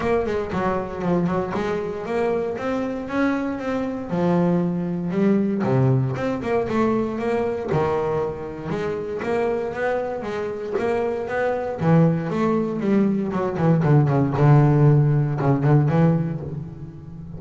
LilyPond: \new Staff \with { instrumentName = "double bass" } { \time 4/4 \tempo 4 = 117 ais8 gis8 fis4 f8 fis8 gis4 | ais4 c'4 cis'4 c'4 | f2 g4 c4 | c'8 ais8 a4 ais4 dis4~ |
dis4 gis4 ais4 b4 | gis4 ais4 b4 e4 | a4 g4 fis8 e8 d8 cis8 | d2 cis8 d8 e4 | }